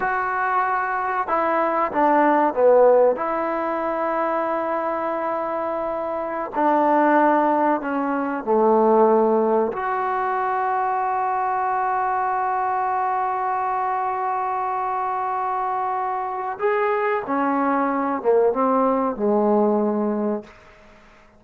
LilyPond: \new Staff \with { instrumentName = "trombone" } { \time 4/4 \tempo 4 = 94 fis'2 e'4 d'4 | b4 e'2.~ | e'2~ e'16 d'4.~ d'16~ | d'16 cis'4 a2 fis'8.~ |
fis'1~ | fis'1~ | fis'2 gis'4 cis'4~ | cis'8 ais8 c'4 gis2 | }